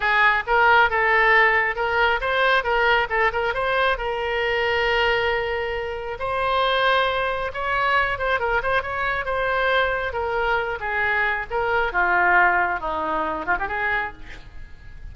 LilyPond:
\new Staff \with { instrumentName = "oboe" } { \time 4/4 \tempo 4 = 136 gis'4 ais'4 a'2 | ais'4 c''4 ais'4 a'8 ais'8 | c''4 ais'2.~ | ais'2 c''2~ |
c''4 cis''4. c''8 ais'8 c''8 | cis''4 c''2 ais'4~ | ais'8 gis'4. ais'4 f'4~ | f'4 dis'4. f'16 g'16 gis'4 | }